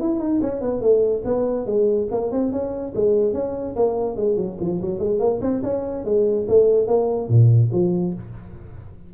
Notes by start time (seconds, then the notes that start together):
0.00 E4
0.20 D#4
0.42 C#4
0.61 B3
0.81 A3
1.25 B3
1.66 G#3
2.11 A#3
2.32 C4
2.52 C#4
2.95 G#3
3.34 C#4
3.76 A#3
4.16 G#3
4.37 F#3
4.60 F3
4.81 F#3
4.99 G#3
5.20 A#3
5.42 C4
5.63 C#4
6.05 G#3
6.48 A3
6.87 A#3
7.29 A#2
7.72 F3